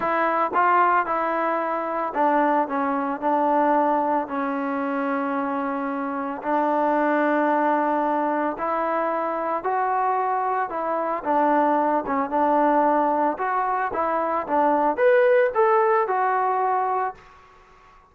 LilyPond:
\new Staff \with { instrumentName = "trombone" } { \time 4/4 \tempo 4 = 112 e'4 f'4 e'2 | d'4 cis'4 d'2 | cis'1 | d'1 |
e'2 fis'2 | e'4 d'4. cis'8 d'4~ | d'4 fis'4 e'4 d'4 | b'4 a'4 fis'2 | }